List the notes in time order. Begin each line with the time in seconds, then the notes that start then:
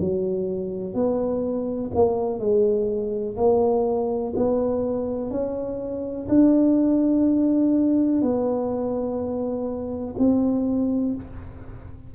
0.00 F#3
0.94 B3
1.95 A#3
2.40 G#3
3.37 A#3
4.36 B3
5.31 C#4
6.29 D4
8.22 B3
10.18 C4